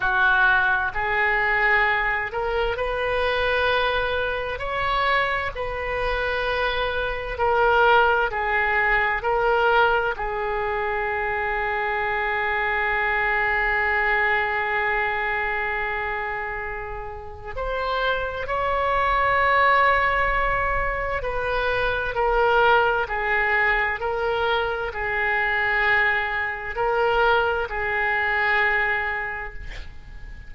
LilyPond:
\new Staff \with { instrumentName = "oboe" } { \time 4/4 \tempo 4 = 65 fis'4 gis'4. ais'8 b'4~ | b'4 cis''4 b'2 | ais'4 gis'4 ais'4 gis'4~ | gis'1~ |
gis'2. c''4 | cis''2. b'4 | ais'4 gis'4 ais'4 gis'4~ | gis'4 ais'4 gis'2 | }